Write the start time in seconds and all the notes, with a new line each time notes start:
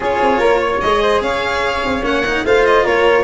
0.00 C#4 F4 G#4 C#5
0.21 C4
0.39 A#3 A#4
0.61 C#5
0.81 G#3 G#4 D#5
1.01 C5
1.21 C#4 C#5 F5
1.84 C4
2.02 A#3 C#4 F#5
2.26 D#4
2.44 A3 F4 C5 F5
2.65 D#5
2.84 A#3 A#4 C#5